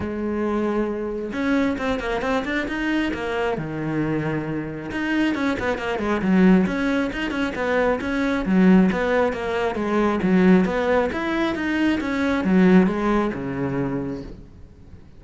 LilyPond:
\new Staff \with { instrumentName = "cello" } { \time 4/4 \tempo 4 = 135 gis2. cis'4 | c'8 ais8 c'8 d'8 dis'4 ais4 | dis2. dis'4 | cis'8 b8 ais8 gis8 fis4 cis'4 |
dis'8 cis'8 b4 cis'4 fis4 | b4 ais4 gis4 fis4 | b4 e'4 dis'4 cis'4 | fis4 gis4 cis2 | }